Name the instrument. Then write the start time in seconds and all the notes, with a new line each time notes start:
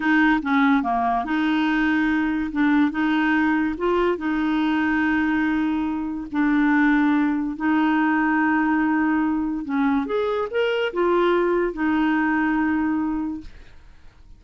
clarinet
0.00 D#4
0.42 C#4
0.82 A#3
1.25 D#4
2.52 D4
2.91 D#4
3.77 F4
4.17 D#4
6.31 D4
7.56 D#4
9.64 C#4
10.06 G#4
10.50 A#4
10.93 F4
11.73 D#4